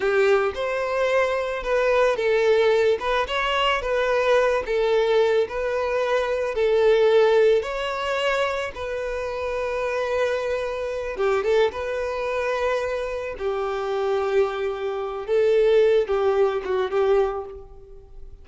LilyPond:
\new Staff \with { instrumentName = "violin" } { \time 4/4 \tempo 4 = 110 g'4 c''2 b'4 | a'4. b'8 cis''4 b'4~ | b'8 a'4. b'2 | a'2 cis''2 |
b'1~ | b'8 g'8 a'8 b'2~ b'8~ | b'8 g'2.~ g'8 | a'4. g'4 fis'8 g'4 | }